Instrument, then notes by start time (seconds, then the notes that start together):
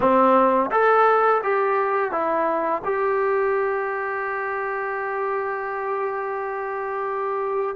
trombone
0.00 C4
0.71 A4
1.43 G4
2.11 E4
2.84 G4